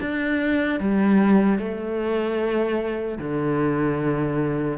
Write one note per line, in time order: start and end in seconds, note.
0.00 0.80 D4
0.80 1.59 G3
1.59 3.18 A3
3.18 4.78 D3